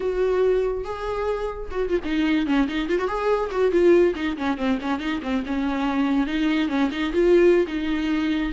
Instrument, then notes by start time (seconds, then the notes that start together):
viola
0.00 F#4
0.84 G#4
1.70 F#4
1.89 F4
2.04 D#4
2.46 C#4
2.68 D#4
2.88 F4
2.98 F#4
3.07 G#4
3.51 F#4
3.71 F4
4.15 D#4
4.37 C#4
4.57 C4
4.81 C#4
4.99 D#4
5.22 C4
5.46 C#4
6.26 D#4
6.68 C#4
6.91 D#4
7.13 F4
7.67 D#4